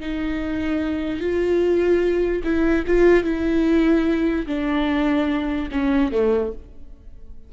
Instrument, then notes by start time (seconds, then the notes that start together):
viola
0.00 D#4
1.20 F4
2.44 E4
2.87 F4
3.23 E4
4.46 D4
5.71 C#4
6.12 A3